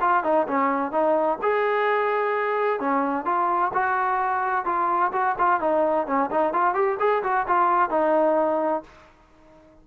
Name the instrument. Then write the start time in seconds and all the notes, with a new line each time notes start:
trombone
0.00 F4
0.23 D#4
0.47 C#4
0.92 D#4
1.42 G#4
2.80 C#4
3.25 F4
3.73 F#4
4.65 F4
5.12 F#4
5.38 F4
5.60 D#4
6.07 C#4
6.30 D#4
6.53 F4
6.74 G4
6.99 G#4
7.23 F#4
7.47 F4
7.90 D#4